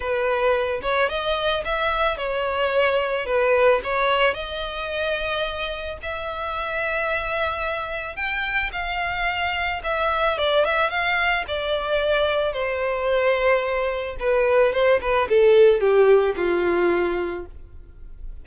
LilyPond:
\new Staff \with { instrumentName = "violin" } { \time 4/4 \tempo 4 = 110 b'4. cis''8 dis''4 e''4 | cis''2 b'4 cis''4 | dis''2. e''4~ | e''2. g''4 |
f''2 e''4 d''8 e''8 | f''4 d''2 c''4~ | c''2 b'4 c''8 b'8 | a'4 g'4 f'2 | }